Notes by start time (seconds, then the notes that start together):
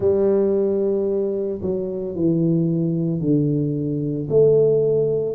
0.00 G3
1.61 F#3
2.15 E3
3.20 D3
4.29 A3